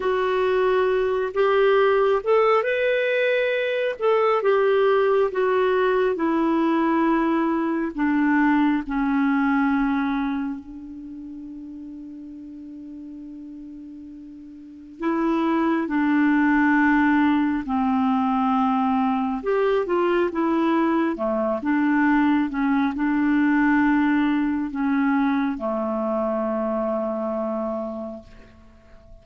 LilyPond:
\new Staff \with { instrumentName = "clarinet" } { \time 4/4 \tempo 4 = 68 fis'4. g'4 a'8 b'4~ | b'8 a'8 g'4 fis'4 e'4~ | e'4 d'4 cis'2 | d'1~ |
d'4 e'4 d'2 | c'2 g'8 f'8 e'4 | a8 d'4 cis'8 d'2 | cis'4 a2. | }